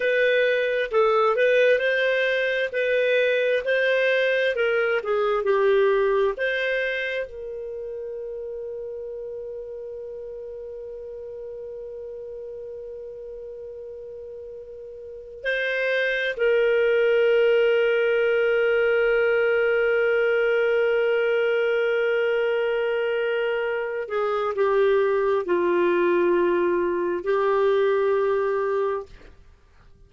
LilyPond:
\new Staff \with { instrumentName = "clarinet" } { \time 4/4 \tempo 4 = 66 b'4 a'8 b'8 c''4 b'4 | c''4 ais'8 gis'8 g'4 c''4 | ais'1~ | ais'1~ |
ais'4 c''4 ais'2~ | ais'1~ | ais'2~ ais'8 gis'8 g'4 | f'2 g'2 | }